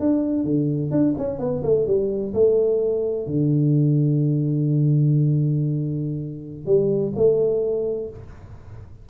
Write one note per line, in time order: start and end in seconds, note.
0.00 0.44 D4
0.44 0.91 D3
0.91 1.15 D4
1.18 1.39 C#4
1.39 1.63 B3
1.63 1.86 A3
1.86 2.33 G3
2.34 3.27 A3
3.27 6.66 D3
6.66 7.12 G3
7.16 8.09 A3